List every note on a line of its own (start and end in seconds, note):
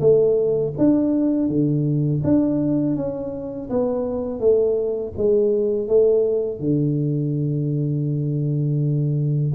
0.00 0.73 A3
0.77 1.48 D4
1.48 2.22 D3
2.24 2.96 D4
2.96 3.69 C#4
3.70 4.40 B3
4.40 5.13 A3
5.17 5.87 G#3
5.87 6.60 A3
6.60 9.52 D3